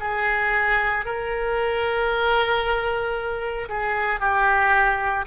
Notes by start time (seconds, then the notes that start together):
0.00 G#4
1.05 A#4
3.69 G#4
4.20 G4